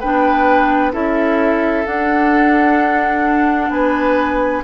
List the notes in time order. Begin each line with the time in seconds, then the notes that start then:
0.00 B3 D4 B4 G5
0.92 C#4 E4 A4 E5
1.86 D4 F#5
3.69 B3 B4 G#5